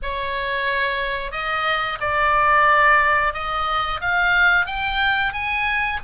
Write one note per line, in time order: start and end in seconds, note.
0.02 1.31 C#5
1.31 1.98 D#5
2.00 3.33 D5
3.33 4.00 D#5
4.00 4.66 F5
4.66 5.32 G5
5.32 5.99 G#5